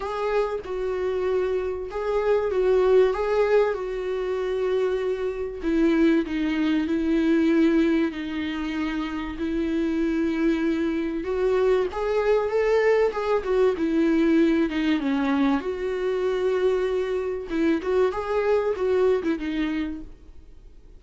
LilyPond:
\new Staff \with { instrumentName = "viola" } { \time 4/4 \tempo 4 = 96 gis'4 fis'2 gis'4 | fis'4 gis'4 fis'2~ | fis'4 e'4 dis'4 e'4~ | e'4 dis'2 e'4~ |
e'2 fis'4 gis'4 | a'4 gis'8 fis'8 e'4. dis'8 | cis'4 fis'2. | e'8 fis'8 gis'4 fis'8. e'16 dis'4 | }